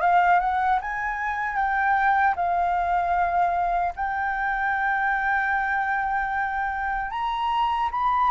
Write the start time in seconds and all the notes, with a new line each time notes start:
0.00 F5
0.39 F#5
0.81 G#5
1.55 G5
2.35 F5
3.95 G5
7.11 A#5
7.91 B5